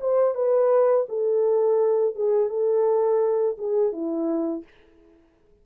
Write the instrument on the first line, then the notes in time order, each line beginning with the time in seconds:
horn
0.00 C5
0.35 B4
1.09 A4
2.15 G#4
2.49 A4
3.58 G#4
3.92 E4